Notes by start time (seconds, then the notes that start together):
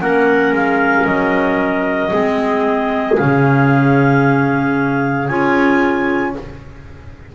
0.00 A#3 C#4 A#4 F#5
0.53 G#3 F5
1.06 F#3 D#5
2.11 G#3 C4 G#4
3.18 C#3 C#4 F5
5.28 C#4 F4 G#5